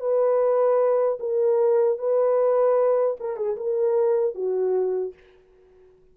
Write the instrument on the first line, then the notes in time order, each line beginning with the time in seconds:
horn
0.00 B4
1.19 A#4
1.98 B4
3.20 A#4
3.36 G#4
3.56 A#4
4.35 F#4